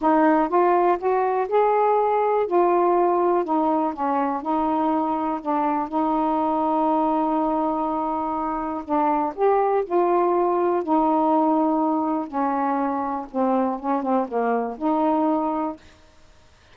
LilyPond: \new Staff \with { instrumentName = "saxophone" } { \time 4/4 \tempo 4 = 122 dis'4 f'4 fis'4 gis'4~ | gis'4 f'2 dis'4 | cis'4 dis'2 d'4 | dis'1~ |
dis'2 d'4 g'4 | f'2 dis'2~ | dis'4 cis'2 c'4 | cis'8 c'8 ais4 dis'2 | }